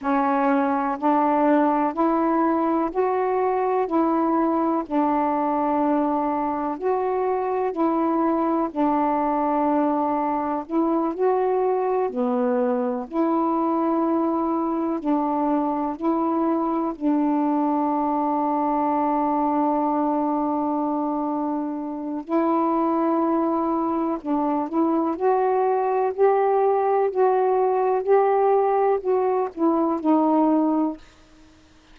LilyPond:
\new Staff \with { instrumentName = "saxophone" } { \time 4/4 \tempo 4 = 62 cis'4 d'4 e'4 fis'4 | e'4 d'2 fis'4 | e'4 d'2 e'8 fis'8~ | fis'8 b4 e'2 d'8~ |
d'8 e'4 d'2~ d'8~ | d'2. e'4~ | e'4 d'8 e'8 fis'4 g'4 | fis'4 g'4 fis'8 e'8 dis'4 | }